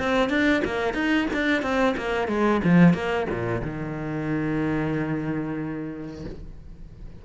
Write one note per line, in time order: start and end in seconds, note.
0.00 0.30 C4
0.30 0.63 D4
0.65 0.94 A#3
0.94 1.27 D#4
1.34 1.62 D4
1.62 1.95 C4
1.98 2.28 A#3
2.28 2.61 G#3
2.65 2.94 F3
2.94 3.27 A#3
3.30 3.62 A#2
3.62 6.25 D#3